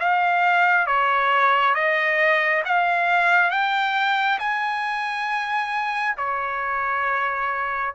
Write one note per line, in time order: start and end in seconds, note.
0.00 0.87 F5
0.87 1.75 C#5
1.75 2.63 D#5
2.65 3.51 F5
3.51 4.39 G5
4.39 6.16 G#5
6.17 7.94 C#5